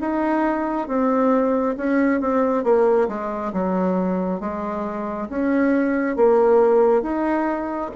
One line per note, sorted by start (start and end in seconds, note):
0.00 0.88 D#4
0.88 1.76 C4
1.77 2.21 C#4
2.21 2.64 C4
2.64 3.08 A#3
3.08 3.52 G#3
3.53 4.40 F#3
4.40 5.28 G#3
5.29 6.16 C#4
6.16 7.02 A#3
7.02 7.91 D#4